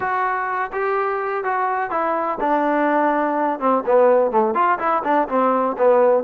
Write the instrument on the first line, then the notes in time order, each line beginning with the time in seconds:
trombone
0.00 F#4
0.72 G4
1.44 F#4
1.90 E4
2.40 D4
3.59 C4
3.86 B3
4.31 A3
4.54 F4
4.78 E4
5.04 D4
5.28 C4
5.78 B3